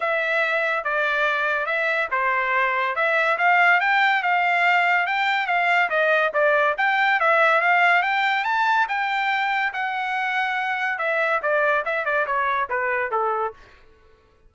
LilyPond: \new Staff \with { instrumentName = "trumpet" } { \time 4/4 \tempo 4 = 142 e''2 d''2 | e''4 c''2 e''4 | f''4 g''4 f''2 | g''4 f''4 dis''4 d''4 |
g''4 e''4 f''4 g''4 | a''4 g''2 fis''4~ | fis''2 e''4 d''4 | e''8 d''8 cis''4 b'4 a'4 | }